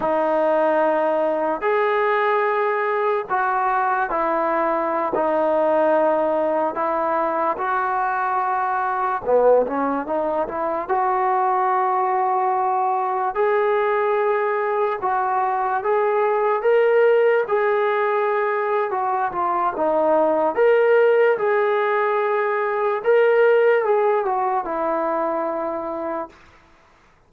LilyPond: \new Staff \with { instrumentName = "trombone" } { \time 4/4 \tempo 4 = 73 dis'2 gis'2 | fis'4 e'4~ e'16 dis'4.~ dis'16~ | dis'16 e'4 fis'2 b8 cis'16~ | cis'16 dis'8 e'8 fis'2~ fis'8.~ |
fis'16 gis'2 fis'4 gis'8.~ | gis'16 ais'4 gis'4.~ gis'16 fis'8 f'8 | dis'4 ais'4 gis'2 | ais'4 gis'8 fis'8 e'2 | }